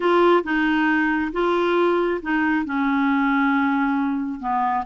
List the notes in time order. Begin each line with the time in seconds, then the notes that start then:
0.00 F4
0.43 D#4
1.32 F4
2.22 D#4
2.65 C#4
4.40 B3